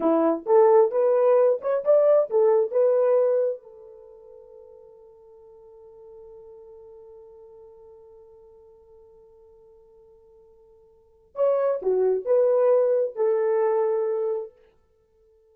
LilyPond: \new Staff \with { instrumentName = "horn" } { \time 4/4 \tempo 4 = 132 e'4 a'4 b'4. cis''8 | d''4 a'4 b'2 | a'1~ | a'1~ |
a'1~ | a'1~ | a'4 cis''4 fis'4 b'4~ | b'4 a'2. | }